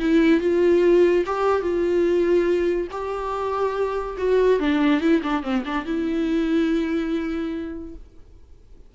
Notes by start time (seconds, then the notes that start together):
0.00 E4
0.41 F4
1.26 G4
1.62 F4
2.91 G4
4.18 F#4
4.60 D4
5.01 E4
5.23 D4
5.43 C4
5.65 D4
5.85 E4